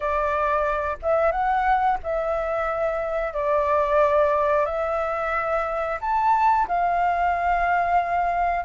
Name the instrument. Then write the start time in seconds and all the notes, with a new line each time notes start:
flute
0.00 D5
1.02 E5
1.31 F#5
2.03 E5
3.33 D5
4.65 E5
6.00 A5
6.68 F5